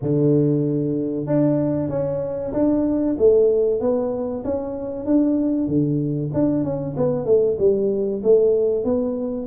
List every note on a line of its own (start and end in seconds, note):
0.02 1.26 D3
1.26 1.89 D4
1.89 2.52 C#4
2.53 3.16 D4
3.18 3.80 A3
3.80 4.43 B3
4.44 5.05 C#4
5.05 5.67 D4
5.67 6.30 D3
6.33 6.63 D4
6.63 6.95 C#4
6.96 7.25 B3
7.25 7.57 A3
7.58 8.21 G3
8.23 8.84 A3
8.84 9.47 B3